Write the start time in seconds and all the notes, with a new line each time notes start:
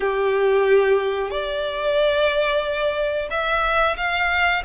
0.00 G4
1.30 D5
3.30 E5
3.96 F5